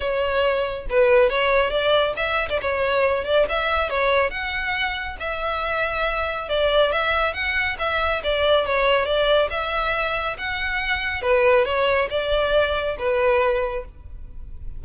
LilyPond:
\new Staff \with { instrumentName = "violin" } { \time 4/4 \tempo 4 = 139 cis''2 b'4 cis''4 | d''4 e''8. d''16 cis''4. d''8 | e''4 cis''4 fis''2 | e''2. d''4 |
e''4 fis''4 e''4 d''4 | cis''4 d''4 e''2 | fis''2 b'4 cis''4 | d''2 b'2 | }